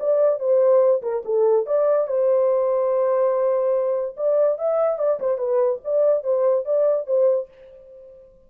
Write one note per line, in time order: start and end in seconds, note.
0.00 0.40 D5
0.40 1.02 C5
1.03 1.23 A#4
1.25 1.66 A4
1.66 2.08 D5
2.08 4.16 C5
4.17 4.58 D5
4.58 4.99 E5
4.99 5.20 D5
5.20 5.38 C5
5.38 5.80 B4
5.84 6.24 D5
6.24 6.65 C5
6.65 7.07 D5
7.07 7.48 C5